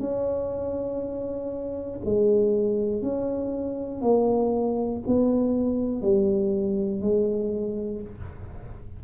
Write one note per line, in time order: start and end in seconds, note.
0.00 2.00 C#4
2.05 3.02 G#3
3.02 4.02 C#4
4.02 5.02 A#3
5.07 6.02 B3
6.02 7.01 G3
7.01 8.01 G#3